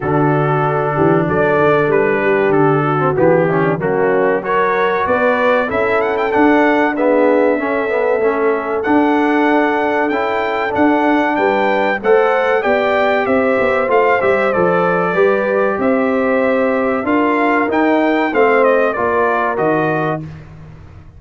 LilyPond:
<<
  \new Staff \with { instrumentName = "trumpet" } { \time 4/4 \tempo 4 = 95 a'2 d''4 b'4 | a'4 g'4 fis'4 cis''4 | d''4 e''8 fis''16 g''16 fis''4 e''4~ | e''2 fis''2 |
g''4 fis''4 g''4 fis''4 | g''4 e''4 f''8 e''8 d''4~ | d''4 e''2 f''4 | g''4 f''8 dis''8 d''4 dis''4 | }
  \new Staff \with { instrumentName = "horn" } { \time 4/4 fis'4. g'8 a'4. g'8~ | g'8 fis'4 e'16 d'16 cis'4 ais'4 | b'4 a'2 gis'4 | a'1~ |
a'2 b'4 c''4 | d''4 c''2. | b'4 c''2 ais'4~ | ais'4 c''4 ais'2 | }
  \new Staff \with { instrumentName = "trombone" } { \time 4/4 d'1~ | d'8. c'16 b8 cis'8 ais4 fis'4~ | fis'4 e'4 d'4 b4 | cis'8 b8 cis'4 d'2 |
e'4 d'2 a'4 | g'2 f'8 g'8 a'4 | g'2. f'4 | dis'4 c'4 f'4 fis'4 | }
  \new Staff \with { instrumentName = "tuba" } { \time 4/4 d4. e8 fis8 d8 g4 | d4 e4 fis2 | b4 cis'4 d'2 | cis'4 a4 d'2 |
cis'4 d'4 g4 a4 | b4 c'8 b8 a8 g8 f4 | g4 c'2 d'4 | dis'4 a4 ais4 dis4 | }
>>